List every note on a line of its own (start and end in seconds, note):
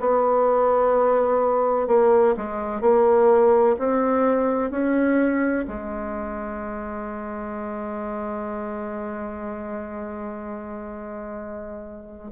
0.00 1.87 B3
1.87 2.35 A#3
2.37 2.81 G#3
2.81 3.76 A#3
3.79 4.71 C4
4.71 5.66 C#4
5.68 12.32 G#3